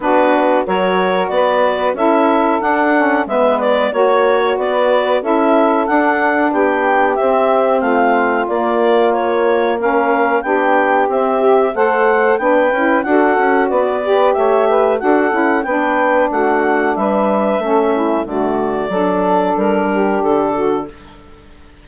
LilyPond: <<
  \new Staff \with { instrumentName = "clarinet" } { \time 4/4 \tempo 4 = 92 b'4 cis''4 d''4 e''4 | fis''4 e''8 d''8 cis''4 d''4 | e''4 fis''4 g''4 e''4 | f''4 d''4 cis''4 f''4 |
g''4 e''4 fis''4 g''4 | fis''4 d''4 e''4 fis''4 | g''4 fis''4 e''2 | d''2 ais'4 a'4 | }
  \new Staff \with { instrumentName = "saxophone" } { \time 4/4 fis'4 ais'4 b'4 a'4~ | a'4 b'4 cis''4 b'4 | a'2 g'2 | f'2. ais'4 |
g'2 c''4 b'4 | a'4 b'4 cis''8 b'8 a'4 | b'4 fis'4 b'4 a'8 e'8 | fis'4 a'4. g'4 fis'8 | }
  \new Staff \with { instrumentName = "saxophone" } { \time 4/4 d'4 fis'2 e'4 | d'8 cis'8 b4 fis'2 | e'4 d'2 c'4~ | c'4 ais2 cis'4 |
d'4 c'8 g'8 a'4 d'8 e'8 | fis'4. g'4. fis'8 e'8 | d'2. cis'4 | a4 d'2. | }
  \new Staff \with { instrumentName = "bassoon" } { \time 4/4 b4 fis4 b4 cis'4 | d'4 gis4 ais4 b4 | cis'4 d'4 b4 c'4 | a4 ais2. |
b4 c'4 a4 b8 cis'8 | d'8 cis'8 b4 a4 d'8 cis'8 | b4 a4 g4 a4 | d4 fis4 g4 d4 | }
>>